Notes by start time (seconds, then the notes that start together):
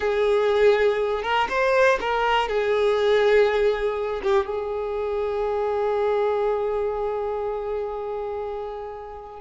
0.00 G#4
1.22 A#4
1.49 C5
2.00 A#4
2.48 G#4
4.23 G4
4.46 G#4